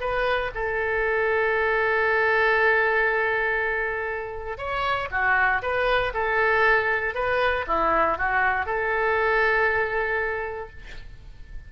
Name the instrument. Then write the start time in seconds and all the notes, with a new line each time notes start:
oboe
0.00 B4
0.54 A4
4.58 C#5
5.11 F#4
5.62 B4
6.14 A4
7.14 B4
7.67 E4
8.17 F#4
8.66 A4